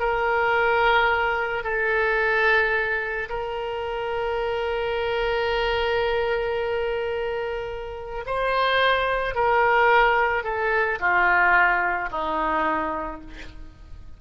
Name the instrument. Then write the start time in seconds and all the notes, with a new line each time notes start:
oboe
0.00 A#4
1.64 A4
3.30 A#4
8.26 C5
9.35 A#4
10.44 A4
11.00 F4
12.11 D#4